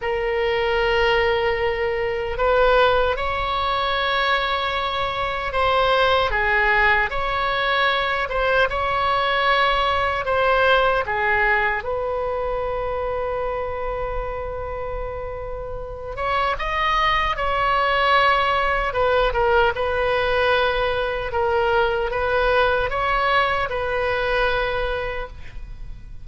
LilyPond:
\new Staff \with { instrumentName = "oboe" } { \time 4/4 \tempo 4 = 76 ais'2. b'4 | cis''2. c''4 | gis'4 cis''4. c''8 cis''4~ | cis''4 c''4 gis'4 b'4~ |
b'1~ | b'8 cis''8 dis''4 cis''2 | b'8 ais'8 b'2 ais'4 | b'4 cis''4 b'2 | }